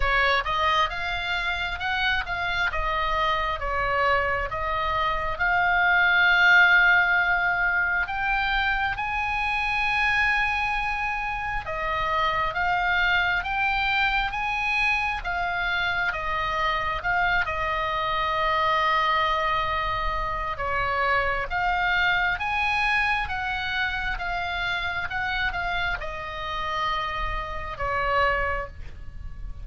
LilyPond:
\new Staff \with { instrumentName = "oboe" } { \time 4/4 \tempo 4 = 67 cis''8 dis''8 f''4 fis''8 f''8 dis''4 | cis''4 dis''4 f''2~ | f''4 g''4 gis''2~ | gis''4 dis''4 f''4 g''4 |
gis''4 f''4 dis''4 f''8 dis''8~ | dis''2. cis''4 | f''4 gis''4 fis''4 f''4 | fis''8 f''8 dis''2 cis''4 | }